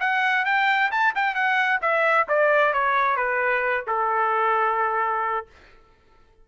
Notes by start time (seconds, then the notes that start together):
0.00 F#5
0.45 G5
0.91 A5
1.15 G5
1.35 F#5
1.81 E5
2.28 D5
2.73 C#5
3.16 B4
3.87 A4